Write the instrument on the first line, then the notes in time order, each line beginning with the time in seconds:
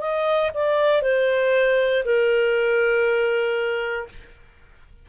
clarinet
0.00 D#5
0.54 D5
1.02 C5
2.05 A#4